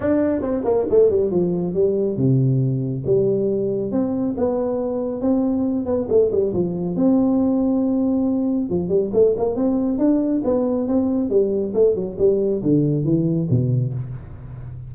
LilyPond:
\new Staff \with { instrumentName = "tuba" } { \time 4/4 \tempo 4 = 138 d'4 c'8 ais8 a8 g8 f4 | g4 c2 g4~ | g4 c'4 b2 | c'4. b8 a8 g8 f4 |
c'1 | f8 g8 a8 ais8 c'4 d'4 | b4 c'4 g4 a8 fis8 | g4 d4 e4 b,4 | }